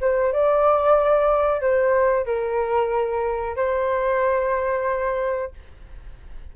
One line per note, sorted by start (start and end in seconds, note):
0.00 0.32 C5
0.32 1.61 D5
1.61 2.25 C5
2.25 3.56 A#4
3.56 5.51 C5